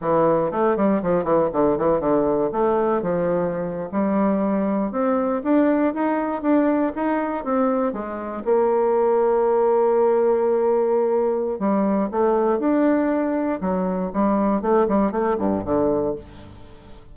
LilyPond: \new Staff \with { instrumentName = "bassoon" } { \time 4/4 \tempo 4 = 119 e4 a8 g8 f8 e8 d8 e8 | d4 a4 f4.~ f16 g16~ | g4.~ g16 c'4 d'4 dis'16~ | dis'8. d'4 dis'4 c'4 gis16~ |
gis8. ais2.~ ais16~ | ais2. g4 | a4 d'2 fis4 | g4 a8 g8 a8 g,8 d4 | }